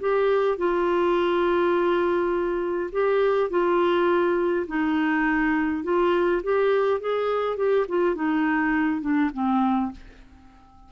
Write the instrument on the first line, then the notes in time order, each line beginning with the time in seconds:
clarinet
0.00 G4
0.57 F4
2.92 G4
3.50 F4
4.67 D#4
5.83 F4
6.43 G4
7.00 G#4
7.57 G4
7.88 F4
8.15 D#4
9.01 D4
9.33 C4